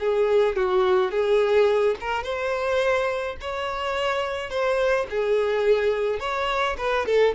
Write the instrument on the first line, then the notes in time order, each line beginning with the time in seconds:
violin
0.00 G#4
0.56 F#4
1.11 G#4
2.00 A#4
2.24 C5
3.41 C#5
4.50 C5
5.10 G#4
6.20 C#5
6.78 B4
7.06 A4